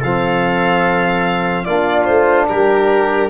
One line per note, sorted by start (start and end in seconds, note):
0.00 1.66 F3
0.00 1.67 C4
0.00 1.64 A4
0.00 1.65 F5
1.65 2.08 A#3
1.65 3.30 D4
1.65 2.48 F4
1.65 2.05 D5
2.05 2.49 A3
2.05 2.46 C5
2.48 3.30 G3
2.48 3.30 G4
2.48 3.30 A#4